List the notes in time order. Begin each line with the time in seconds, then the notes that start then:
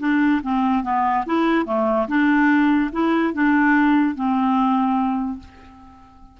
0.00 D4
0.43 C4
0.83 B3
1.26 E4
1.66 A3
2.08 D4
2.92 E4
3.33 D4
4.15 C4